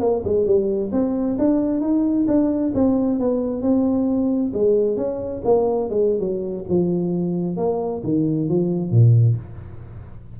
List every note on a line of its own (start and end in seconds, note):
0.00 0.23 A#3
0.24 0.46 G#3
0.46 0.91 G3
0.92 1.37 C4
1.38 1.81 D4
1.81 2.26 D#4
2.27 2.73 D4
2.74 3.19 C4
3.20 3.62 B3
3.62 4.52 C4
4.53 4.97 G#3
4.97 5.42 C#4
5.44 5.90 A#3
5.90 6.20 G#3
6.20 6.65 F#3
6.68 7.57 F3
7.57 8.02 A#3
8.04 8.49 D#3
8.49 8.91 F3
8.91 9.36 A#2